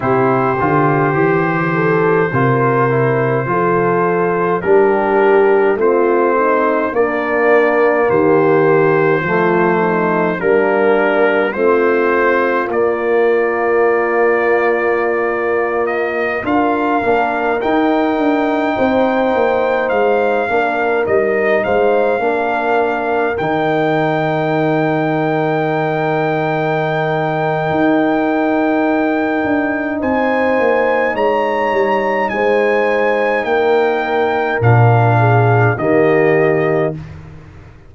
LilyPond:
<<
  \new Staff \with { instrumentName = "trumpet" } { \time 4/4 \tempo 4 = 52 c''1 | ais'4 c''4 d''4 c''4~ | c''4 ais'4 c''4 d''4~ | d''4.~ d''16 dis''8 f''4 g''8.~ |
g''4~ g''16 f''4 dis''8 f''4~ f''16~ | f''16 g''2.~ g''8.~ | g''2 gis''4 ais''4 | gis''4 g''4 f''4 dis''4 | }
  \new Staff \with { instrumentName = "horn" } { \time 4/4 g'4. a'8 ais'4 a'4 | g'4 f'8 dis'8 d'4 g'4 | f'8 dis'8 d'4 f'2~ | f'2~ f'16 ais'4.~ ais'16~ |
ais'16 c''4. ais'4 c''8 ais'8.~ | ais'1~ | ais'2 c''4 cis''4 | c''4 ais'4. gis'8 g'4 | }
  \new Staff \with { instrumentName = "trombone" } { \time 4/4 e'8 f'8 g'4 f'8 e'8 f'4 | d'4 c'4 ais2 | a4 ais4 c'4 ais4~ | ais2~ ais16 f'8 d'8 dis'8.~ |
dis'4.~ dis'16 d'8 dis'4 d'8.~ | d'16 dis'2.~ dis'8.~ | dis'1~ | dis'2 d'4 ais4 | }
  \new Staff \with { instrumentName = "tuba" } { \time 4/4 c8 d8 e4 c4 f4 | g4 a4 ais4 dis4 | f4 g4 a4 ais4~ | ais2~ ais16 d'8 ais8 dis'8 d'16~ |
d'16 c'8 ais8 gis8 ais8 g8 gis8 ais8.~ | ais16 dis2.~ dis8. | dis'4. d'8 c'8 ais8 gis8 g8 | gis4 ais4 ais,4 dis4 | }
>>